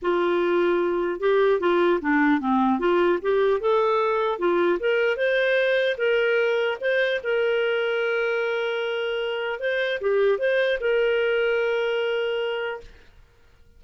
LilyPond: \new Staff \with { instrumentName = "clarinet" } { \time 4/4 \tempo 4 = 150 f'2. g'4 | f'4 d'4 c'4 f'4 | g'4 a'2 f'4 | ais'4 c''2 ais'4~ |
ais'4 c''4 ais'2~ | ais'1 | c''4 g'4 c''4 ais'4~ | ais'1 | }